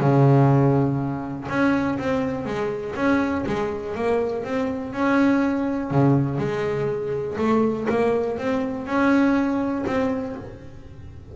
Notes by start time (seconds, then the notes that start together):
0.00 C#3
1.49 C#4
1.99 C4
2.46 G#3
2.96 C#4
3.46 G#3
3.95 A#3
4.44 C4
4.93 C#4
5.91 C#3
6.39 G#3
7.38 A3
7.90 A#3
8.38 C4
8.87 C#4
9.87 C4